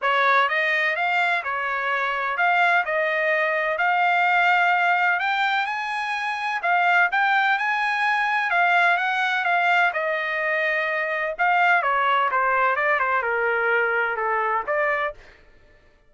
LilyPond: \new Staff \with { instrumentName = "trumpet" } { \time 4/4 \tempo 4 = 127 cis''4 dis''4 f''4 cis''4~ | cis''4 f''4 dis''2 | f''2. g''4 | gis''2 f''4 g''4 |
gis''2 f''4 fis''4 | f''4 dis''2. | f''4 cis''4 c''4 d''8 c''8 | ais'2 a'4 d''4 | }